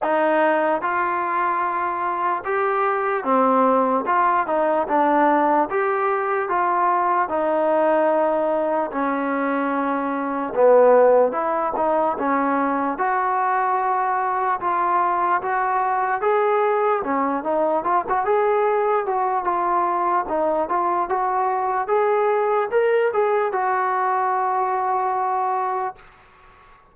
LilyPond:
\new Staff \with { instrumentName = "trombone" } { \time 4/4 \tempo 4 = 74 dis'4 f'2 g'4 | c'4 f'8 dis'8 d'4 g'4 | f'4 dis'2 cis'4~ | cis'4 b4 e'8 dis'8 cis'4 |
fis'2 f'4 fis'4 | gis'4 cis'8 dis'8 f'16 fis'16 gis'4 fis'8 | f'4 dis'8 f'8 fis'4 gis'4 | ais'8 gis'8 fis'2. | }